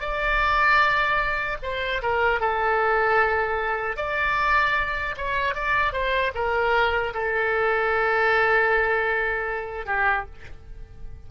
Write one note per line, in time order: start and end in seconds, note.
0.00 1.58 D5
1.63 2.02 C5
2.02 2.40 A#4
2.40 3.97 A4
3.97 5.15 D5
5.17 5.55 C#5
5.55 5.92 D5
5.92 6.32 C5
6.35 7.14 A#4
7.14 9.86 A4
9.86 10.26 G4